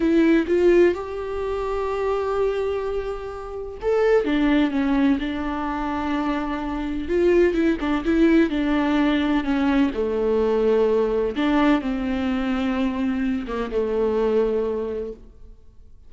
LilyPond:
\new Staff \with { instrumentName = "viola" } { \time 4/4 \tempo 4 = 127 e'4 f'4 g'2~ | g'1 | a'4 d'4 cis'4 d'4~ | d'2. f'4 |
e'8 d'8 e'4 d'2 | cis'4 a2. | d'4 c'2.~ | c'8 ais8 a2. | }